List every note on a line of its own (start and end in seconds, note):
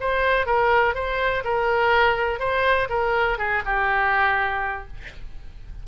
0.00 0.46 C5
0.46 0.94 A#4
0.94 1.43 C5
1.44 2.39 A#4
2.39 2.88 C5
2.89 3.38 A#4
3.38 3.62 G#4
3.65 4.87 G4